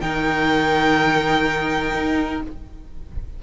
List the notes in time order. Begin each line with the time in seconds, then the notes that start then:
0.00 D#3 D#4 A#4 G5
1.94 D#4